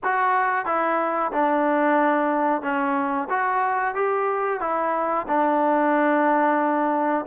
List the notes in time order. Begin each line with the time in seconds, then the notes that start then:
0.03 F#4
0.65 E4
1.32 D4
2.62 C#4
3.29 F#4
3.94 G4
4.60 E4
5.27 D4